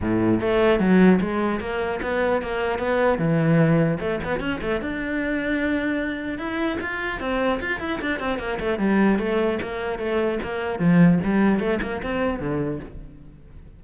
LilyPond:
\new Staff \with { instrumentName = "cello" } { \time 4/4 \tempo 4 = 150 a,4 a4 fis4 gis4 | ais4 b4 ais4 b4 | e2 a8 b8 cis'8 a8 | d'1 |
e'4 f'4 c'4 f'8 e'8 | d'8 c'8 ais8 a8 g4 a4 | ais4 a4 ais4 f4 | g4 a8 ais8 c'4 d4 | }